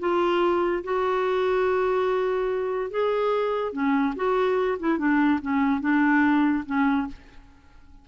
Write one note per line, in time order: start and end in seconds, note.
0.00 0.83 F4
0.84 2.91 F#4
2.91 3.73 G#4
3.73 4.14 C#4
4.16 4.78 F#4
4.80 4.98 E4
4.98 5.40 D4
5.41 5.81 C#4
5.81 6.64 D4
6.66 7.07 C#4